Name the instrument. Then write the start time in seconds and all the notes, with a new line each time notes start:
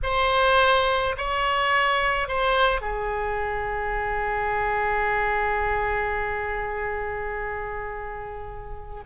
oboe
0.02 C5
1.17 C#5
2.28 C5
2.81 G#4